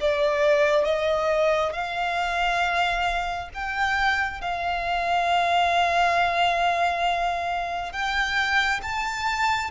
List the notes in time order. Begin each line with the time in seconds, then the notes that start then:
0.00 D5
0.84 D#5
1.72 F5
3.54 G5
4.41 F5
7.92 G5
8.82 A5